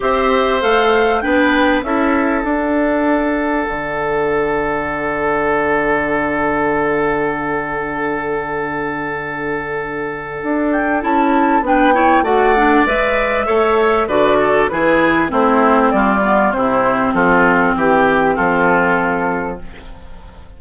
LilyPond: <<
  \new Staff \with { instrumentName = "flute" } { \time 4/4 \tempo 4 = 98 e''4 f''4 g''4 e''4 | fis''1~ | fis''1~ | fis''1~ |
fis''4. g''8 a''4 g''4 | fis''4 e''2 d''4 | b'4 c''4 d''4 c''4 | a'4 g'4 a'2 | }
  \new Staff \with { instrumentName = "oboe" } { \time 4/4 c''2 b'4 a'4~ | a'1~ | a'1~ | a'1~ |
a'2. b'8 cis''8 | d''2 cis''4 b'8 a'8 | gis'4 e'4 f'4 e'4 | f'4 g'4 f'2 | }
  \new Staff \with { instrumentName = "clarinet" } { \time 4/4 g'4 a'4 d'4 e'4 | d'1~ | d'1~ | d'1~ |
d'2 e'4 d'8 e'8 | fis'8 d'8 b'4 a'4 fis'4 | e'4 c'4. b8 c'4~ | c'1 | }
  \new Staff \with { instrumentName = "bassoon" } { \time 4/4 c'4 a4 b4 cis'4 | d'2 d2~ | d1~ | d1~ |
d4 d'4 cis'4 b4 | a4 gis4 a4 d4 | e4 a4 g4 c4 | f4 e4 f2 | }
>>